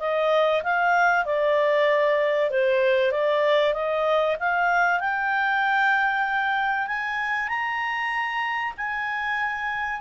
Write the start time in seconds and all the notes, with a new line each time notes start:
0.00 D#5
0.63 F5
1.25 D5
2.50 C5
3.12 D5
3.74 D#5
4.39 F5
5.00 G5
6.88 G#5
7.48 A#5
8.77 G#5